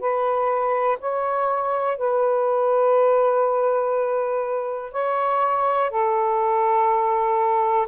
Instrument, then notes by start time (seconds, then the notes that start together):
saxophone
0.00 B4
1.00 C#5
1.98 B4
4.92 C#5
5.91 A4